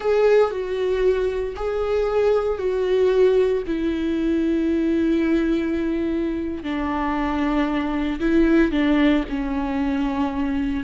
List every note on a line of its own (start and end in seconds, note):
0.00 0.50 G#4
0.50 1.55 F#4
1.56 2.58 G#4
2.58 3.63 F#4
3.66 6.63 E4
6.63 8.19 D4
8.20 8.71 E4
8.71 9.23 D4
9.29 10.83 C#4